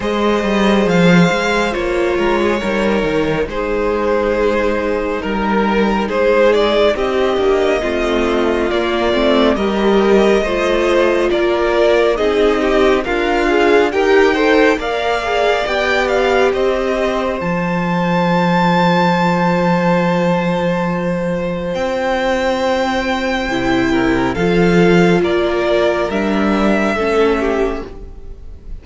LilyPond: <<
  \new Staff \with { instrumentName = "violin" } { \time 4/4 \tempo 4 = 69 dis''4 f''4 cis''2 | c''2 ais'4 c''8 d''8 | dis''2 d''4 dis''4~ | dis''4 d''4 dis''4 f''4 |
g''4 f''4 g''8 f''8 dis''4 | a''1~ | a''4 g''2. | f''4 d''4 e''2 | }
  \new Staff \with { instrumentName = "violin" } { \time 4/4 c''2~ c''8 ais'16 gis'16 ais'4 | gis'2 ais'4 gis'4 | g'4 f'2 ais'4 | c''4 ais'4 gis'8 g'8 f'4 |
ais'8 c''8 d''2 c''4~ | c''1~ | c''2.~ c''8 ais'8 | a'4 ais'2 a'8 g'8 | }
  \new Staff \with { instrumentName = "viola" } { \time 4/4 gis'2 f'4 dis'4~ | dis'1~ | dis'8 d'8 c'4 ais8 c'8 g'4 | f'2 dis'4 ais'8 gis'8 |
g'8 a'8 ais'8 gis'8 g'2 | f'1~ | f'2. e'4 | f'2 d'4 cis'4 | }
  \new Staff \with { instrumentName = "cello" } { \time 4/4 gis8 g8 f8 gis8 ais8 gis8 g8 dis8 | gis2 g4 gis4 | c'8 ais8 a4 ais8 a8 g4 | a4 ais4 c'4 d'4 |
dis'4 ais4 b4 c'4 | f1~ | f4 c'2 c4 | f4 ais4 g4 a4 | }
>>